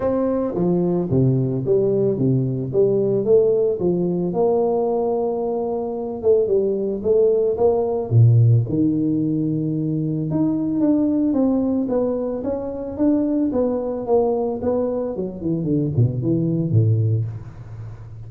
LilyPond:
\new Staff \with { instrumentName = "tuba" } { \time 4/4 \tempo 4 = 111 c'4 f4 c4 g4 | c4 g4 a4 f4 | ais2.~ ais8 a8 | g4 a4 ais4 ais,4 |
dis2. dis'4 | d'4 c'4 b4 cis'4 | d'4 b4 ais4 b4 | fis8 e8 d8 b,8 e4 a,4 | }